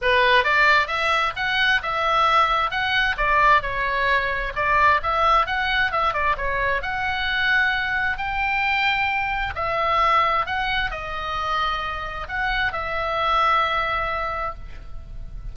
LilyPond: \new Staff \with { instrumentName = "oboe" } { \time 4/4 \tempo 4 = 132 b'4 d''4 e''4 fis''4 | e''2 fis''4 d''4 | cis''2 d''4 e''4 | fis''4 e''8 d''8 cis''4 fis''4~ |
fis''2 g''2~ | g''4 e''2 fis''4 | dis''2. fis''4 | e''1 | }